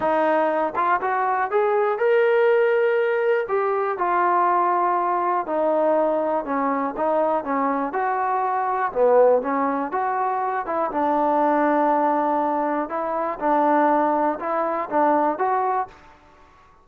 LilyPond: \new Staff \with { instrumentName = "trombone" } { \time 4/4 \tempo 4 = 121 dis'4. f'8 fis'4 gis'4 | ais'2. g'4 | f'2. dis'4~ | dis'4 cis'4 dis'4 cis'4 |
fis'2 b4 cis'4 | fis'4. e'8 d'2~ | d'2 e'4 d'4~ | d'4 e'4 d'4 fis'4 | }